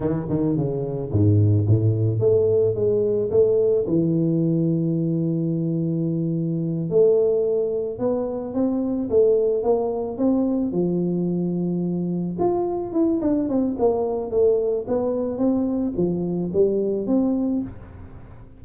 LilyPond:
\new Staff \with { instrumentName = "tuba" } { \time 4/4 \tempo 4 = 109 e8 dis8 cis4 gis,4 a,4 | a4 gis4 a4 e4~ | e1~ | e8 a2 b4 c'8~ |
c'8 a4 ais4 c'4 f8~ | f2~ f8 f'4 e'8 | d'8 c'8 ais4 a4 b4 | c'4 f4 g4 c'4 | }